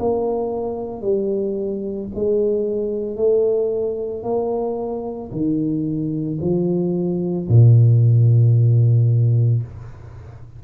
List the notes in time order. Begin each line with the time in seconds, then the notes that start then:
0.00 A#3
1.02 G3
2.15 G#3
3.17 A3
4.24 A#3
5.32 D#3
6.41 F3
7.49 A#2